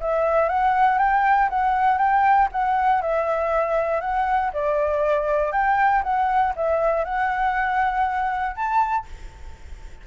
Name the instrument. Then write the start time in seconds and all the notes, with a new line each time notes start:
flute
0.00 E5
0.49 F#5
0.98 G5
1.49 F#5
1.98 G5
2.52 F#5
3.01 E5
4.00 F#5
4.53 D5
5.52 G5
6.03 F#5
6.56 E5
7.04 F#5
8.55 A5